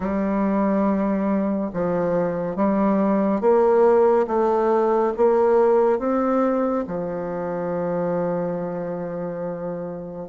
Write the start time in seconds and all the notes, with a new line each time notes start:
0.00 G3
1.73 F3
2.56 G3
3.41 A#3
4.27 A3
5.17 A#3
5.98 C4
6.87 F3